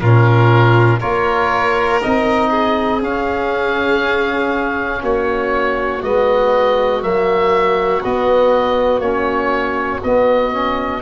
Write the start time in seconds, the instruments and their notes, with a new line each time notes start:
0.00 tuba A#2, trombone C#4, violin F4, oboe A#4
0.99 tuba A#3, trombone F4, violin A#4, oboe C#5
2.02 tuba C4, trombone D#4, oboe D#5
2.50 violin G#4
3.02 trombone C#4, tuba C#4, oboe F5
5.02 tuba A#3, violin F#4, oboe C#5
6.03 tuba G#3, trombone B3, oboe D#5
7.01 tuba F#3, trombone A#3, oboe E5
8.03 trombone B3, tuba B3, oboe D#5
8.99 tuba A#3, trombone C#4, oboe C#5
10.03 tuba B3, trombone B3, oboe D#5
10.52 trombone C#4